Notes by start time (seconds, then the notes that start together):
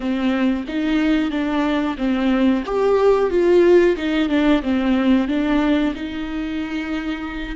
0.00 C4
0.68 D#4
1.30 D4
1.97 C4
2.65 G4
3.30 F4
3.96 D#4
4.29 D4
4.62 C4
5.28 D4
5.94 D#4